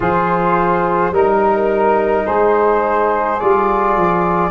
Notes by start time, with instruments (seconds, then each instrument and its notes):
0.00 tuba F3, trombone F4, saxophone G#4, flute C5
1.11 tuba G3, trombone D#4, saxophone A#4, flute A#4
2.24 tuba G#3, saxophone G#4, flute C5
3.39 tuba G3, trombone F4, flute D5
3.96 tuba F3